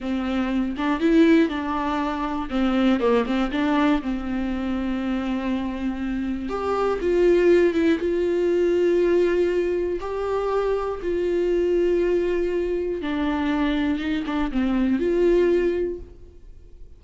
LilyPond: \new Staff \with { instrumentName = "viola" } { \time 4/4 \tempo 4 = 120 c'4. d'8 e'4 d'4~ | d'4 c'4 ais8 c'8 d'4 | c'1~ | c'4 g'4 f'4. e'8 |
f'1 | g'2 f'2~ | f'2 d'2 | dis'8 d'8 c'4 f'2 | }